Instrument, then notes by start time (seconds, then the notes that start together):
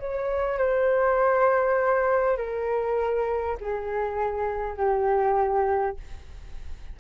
flute
0.00 C#5
0.59 C5
2.38 A#4
3.61 G#4
4.77 G4